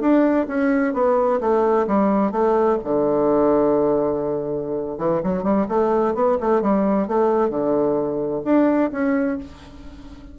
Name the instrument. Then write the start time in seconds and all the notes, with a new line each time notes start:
bassoon
0.00 D4
0.47 C#4
0.93 B3
1.40 A3
1.87 G3
2.31 A3
2.84 D3
4.98 E3
5.23 F#3
5.43 G3
5.68 A3
6.14 B3
6.40 A3
6.61 G3
7.07 A3
7.49 D3
8.44 D4
8.92 C#4